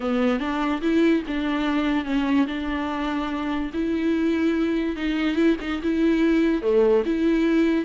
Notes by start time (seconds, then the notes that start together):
0.00 B3
0.39 D4
0.81 E4
1.27 D4
2.05 C#4
2.46 D4
3.73 E4
4.96 D#4
5.35 E4
5.60 D#4
5.83 E4
6.62 A3
7.05 E4